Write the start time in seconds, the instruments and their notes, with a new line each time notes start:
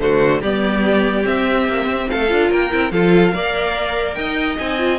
0.00 cello D3, viola A3, violin F#4 C5
0.42 cello G3, viola B3, violin G4 D5
1.24 viola C4, cello C4, violin E5
1.69 cello A#3
1.86 cello C4
2.10 cello A3, violin A4 F5
2.29 cello D4, viola F4
2.51 cello A#3, violin A#4 G5
2.71 cello C4, viola E4
2.92 cello F3, viola F4, violin A4 F5
3.33 cello A#3, viola A#4, violin D5
4.15 cello D#4, violin D#5 G5
4.58 cello C4, viola D#4, violin G#5
4.79 viola F4